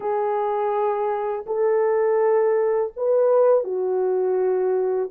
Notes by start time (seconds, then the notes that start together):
0.00 G#4
1.46 A4
2.96 B4
3.64 F#4